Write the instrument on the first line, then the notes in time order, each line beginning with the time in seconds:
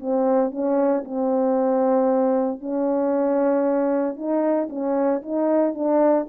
horn
0.00 C4
0.52 C#4
1.05 C4
2.61 C#4
4.16 D#4
4.70 C#4
5.22 D#4
5.75 D4